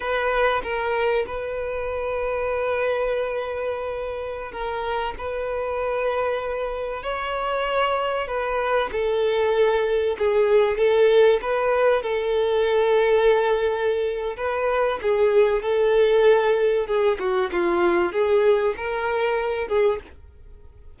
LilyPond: \new Staff \with { instrumentName = "violin" } { \time 4/4 \tempo 4 = 96 b'4 ais'4 b'2~ | b'2.~ b'16 ais'8.~ | ais'16 b'2. cis''8.~ | cis''4~ cis''16 b'4 a'4.~ a'16~ |
a'16 gis'4 a'4 b'4 a'8.~ | a'2. b'4 | gis'4 a'2 gis'8 fis'8 | f'4 gis'4 ais'4. gis'8 | }